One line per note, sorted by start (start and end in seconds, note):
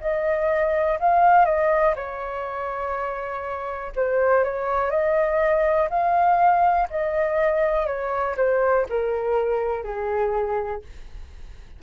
0.00 0.98 D#5
0.99 1.45 F5
1.45 1.94 D#5
1.95 3.92 C#5
3.95 4.44 C5
4.44 4.90 C#5
4.90 5.88 D#5
5.89 6.88 F5
6.89 7.86 D#5
7.86 8.35 C#5
8.37 8.86 C5
8.89 9.83 A#4
9.83 10.82 G#4